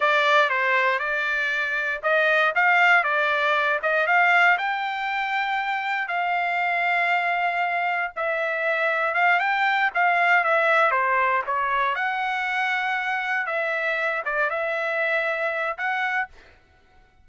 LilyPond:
\new Staff \with { instrumentName = "trumpet" } { \time 4/4 \tempo 4 = 118 d''4 c''4 d''2 | dis''4 f''4 d''4. dis''8 | f''4 g''2. | f''1 |
e''2 f''8 g''4 f''8~ | f''8 e''4 c''4 cis''4 fis''8~ | fis''2~ fis''8 e''4. | d''8 e''2~ e''8 fis''4 | }